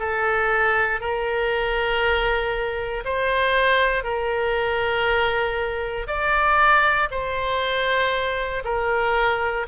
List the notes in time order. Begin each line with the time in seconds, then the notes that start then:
0.00 A4
1.01 A#4
3.05 C5
4.04 A#4
6.07 D5
7.11 C5
8.65 A#4